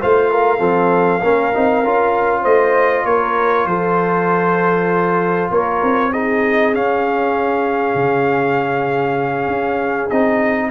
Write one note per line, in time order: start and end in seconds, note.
0.00 0.60 A3
0.00 0.58 F4
0.00 0.31 C5
0.00 2.44 F5
0.31 0.60 A#4
0.58 1.21 F3
0.58 1.20 C4
0.58 1.21 A4
1.22 1.53 A#3
1.22 1.53 C#4
1.22 2.42 A#4
1.53 1.84 C4
1.53 1.84 D#4
1.84 2.45 C#4
1.84 6.13 F4
2.42 3.04 A3
2.42 3.03 C5
2.42 3.05 D#5
3.04 3.66 A#3
3.04 3.68 A#4
3.04 3.66 C#5
3.66 5.49 F3
3.66 5.52 A4
3.66 5.50 C5
5.51 5.81 A#3
5.51 6.12 A#4
5.51 6.13 C#5
5.83 6.74 C4
6.12 6.73 D#4
6.12 10.70 G#4
6.12 6.74 D#5
6.73 10.10 C#4
6.73 7.95 C#4
6.73 10.10 F5
7.95 9.47 C#3
9.47 10.08 C#4
10.10 10.70 C4
10.10 10.70 D#4
10.10 10.70 D#5